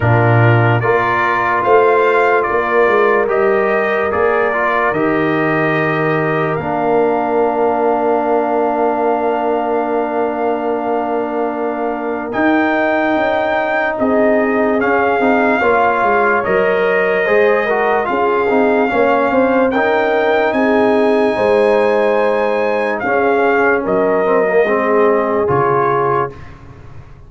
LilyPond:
<<
  \new Staff \with { instrumentName = "trumpet" } { \time 4/4 \tempo 4 = 73 ais'4 d''4 f''4 d''4 | dis''4 d''4 dis''2 | f''1~ | f''2. g''4~ |
g''4 dis''4 f''2 | dis''2 f''2 | g''4 gis''2. | f''4 dis''2 cis''4 | }
  \new Staff \with { instrumentName = "horn" } { \time 4/4 f'4 ais'4 c''4 ais'4~ | ais'1~ | ais'1~ | ais'1~ |
ais'4 gis'2 cis''4~ | cis''4 c''8 ais'8 gis'4 cis''8 c''8 | ais'4 gis'4 c''2 | gis'4 ais'4 gis'2 | }
  \new Staff \with { instrumentName = "trombone" } { \time 4/4 d'4 f'2. | g'4 gis'8 f'8 g'2 | d'1~ | d'2. dis'4~ |
dis'2 cis'8 dis'8 f'4 | ais'4 gis'8 fis'8 f'8 dis'8 cis'4 | dis'1 | cis'4. c'16 ais16 c'4 f'4 | }
  \new Staff \with { instrumentName = "tuba" } { \time 4/4 ais,4 ais4 a4 ais8 gis8 | g4 ais4 dis2 | ais1~ | ais2. dis'4 |
cis'4 c'4 cis'8 c'8 ais8 gis8 | fis4 gis4 cis'8 c'8 ais8 c'8 | cis'4 c'4 gis2 | cis'4 fis4 gis4 cis4 | }
>>